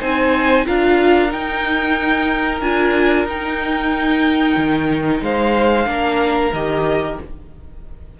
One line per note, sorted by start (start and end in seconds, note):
0.00 0.66 C4
0.00 0.65 D#4
0.00 0.65 C5
0.00 0.66 G#5
0.65 1.33 D4
0.65 1.28 F4
0.65 5.23 A#4
0.65 1.32 F5
1.28 2.59 D#4
1.28 2.61 D#4
1.28 2.61 G5
2.61 3.25 D4
2.61 3.27 F4
2.61 3.26 G#5
3.25 4.55 D#4
3.25 5.85 D#4
3.25 5.23 G5
4.56 5.21 D#3
5.22 5.86 G#3
5.22 5.89 C5
5.22 6.53 F5
5.85 6.51 A#3
5.85 6.51 D4
5.85 7.20 A#4
6.52 7.18 D#3
6.52 7.20 G4
6.52 7.18 D#5